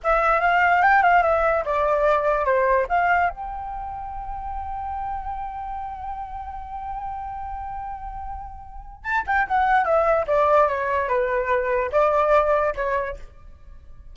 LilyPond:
\new Staff \with { instrumentName = "flute" } { \time 4/4 \tempo 4 = 146 e''4 f''4 g''8 f''8 e''4 | d''2 c''4 f''4 | g''1~ | g''1~ |
g''1~ | g''2 a''8 g''8 fis''4 | e''4 d''4 cis''4 b'4~ | b'4 d''2 cis''4 | }